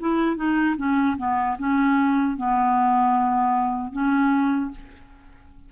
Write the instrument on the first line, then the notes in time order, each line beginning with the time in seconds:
clarinet
0.00 E4
0.37 D#4
0.77 C#4
1.18 B3
1.59 C#4
2.37 B3
3.92 C#4